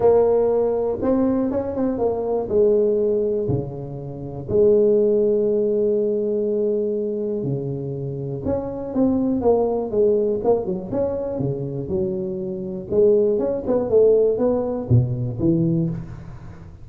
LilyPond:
\new Staff \with { instrumentName = "tuba" } { \time 4/4 \tempo 4 = 121 ais2 c'4 cis'8 c'8 | ais4 gis2 cis4~ | cis4 gis2.~ | gis2. cis4~ |
cis4 cis'4 c'4 ais4 | gis4 ais8 fis8 cis'4 cis4 | fis2 gis4 cis'8 b8 | a4 b4 b,4 e4 | }